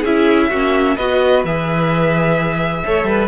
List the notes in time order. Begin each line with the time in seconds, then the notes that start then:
0.00 C#4 E4 G#4 E5
0.49 A#3 C#4 F#4
0.95 B3 F#4 B4 D#5
1.44 E3 G#4 E5
2.85 A3 A4 C#5
3.04 G3 B4